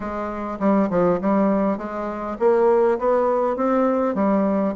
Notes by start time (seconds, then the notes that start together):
0.00 G#3
0.59 G3
0.90 F3
1.21 G3
1.77 G#3
2.39 A#3
2.98 B3
3.56 C4
4.14 G3